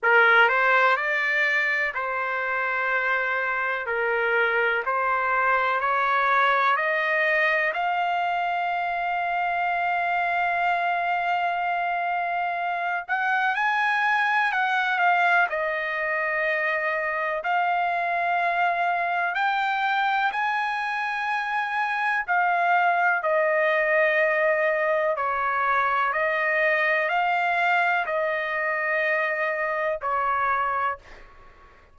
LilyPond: \new Staff \with { instrumentName = "trumpet" } { \time 4/4 \tempo 4 = 62 ais'8 c''8 d''4 c''2 | ais'4 c''4 cis''4 dis''4 | f''1~ | f''4. fis''8 gis''4 fis''8 f''8 |
dis''2 f''2 | g''4 gis''2 f''4 | dis''2 cis''4 dis''4 | f''4 dis''2 cis''4 | }